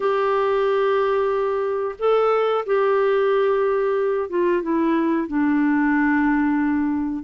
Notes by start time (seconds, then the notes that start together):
0.00 G4
1.98 A4
2.66 G4
4.29 F4
4.62 E4
5.27 D4